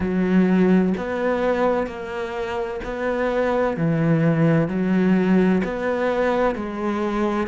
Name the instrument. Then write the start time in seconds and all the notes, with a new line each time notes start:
cello
0.00 F#3
0.97 B3
1.86 A#3
2.84 B3
3.76 E3
4.68 F#3
5.64 B3
6.55 G#3